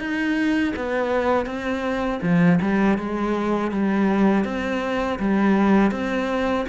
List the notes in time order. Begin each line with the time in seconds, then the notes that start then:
0.00 D#4
0.76 B3
1.46 C4
2.23 F3
2.62 G3
2.98 G#3
3.72 G3
4.45 C4
5.20 G3
5.92 C4